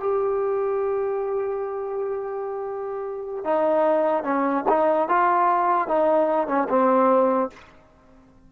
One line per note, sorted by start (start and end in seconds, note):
0.00 3.44 G4
3.44 4.23 D#4
4.23 4.64 C#4
4.69 5.09 D#4
5.09 5.88 F4
5.88 6.48 D#4
6.48 6.68 C#4
6.69 7.50 C4